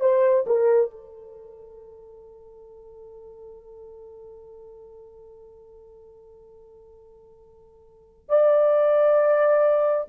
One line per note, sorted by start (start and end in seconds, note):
0.00 0.45 C5
0.46 0.91 A#4
0.91 8.29 A4
8.29 10.08 D5